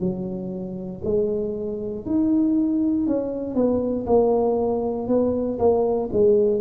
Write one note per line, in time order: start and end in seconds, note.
0.00 1.02 F#3
1.04 2.06 G#3
2.06 3.07 D#4
3.07 3.55 C#4
3.55 4.06 B3
4.07 5.08 A#3
5.08 5.58 B3
5.59 6.10 A#3
6.12 6.61 G#3